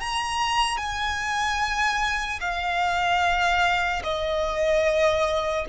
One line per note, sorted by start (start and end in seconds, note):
0.00 0.77 A#5
0.77 2.40 G#5
2.40 4.02 F5
4.04 5.66 D#5